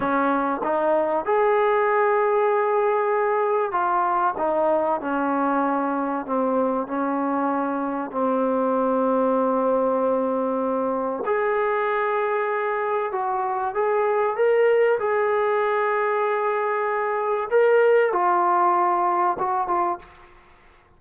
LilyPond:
\new Staff \with { instrumentName = "trombone" } { \time 4/4 \tempo 4 = 96 cis'4 dis'4 gis'2~ | gis'2 f'4 dis'4 | cis'2 c'4 cis'4~ | cis'4 c'2.~ |
c'2 gis'2~ | gis'4 fis'4 gis'4 ais'4 | gis'1 | ais'4 f'2 fis'8 f'8 | }